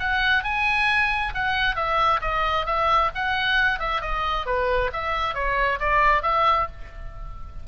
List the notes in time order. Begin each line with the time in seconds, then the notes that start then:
0.00 F#5
0.44 G#5
1.35 F#5
1.76 E5
2.21 D#5
2.66 E5
3.15 F#5
3.79 E5
4.01 D#5
4.46 B4
4.93 E5
5.35 C#5
5.80 D5
6.23 E5